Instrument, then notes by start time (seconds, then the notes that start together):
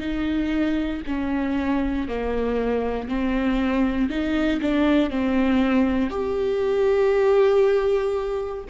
viola
0.00 D#4
1.07 C#4
2.08 A#3
3.08 C4
4.10 D#4
4.62 D4
5.10 C4
6.11 G4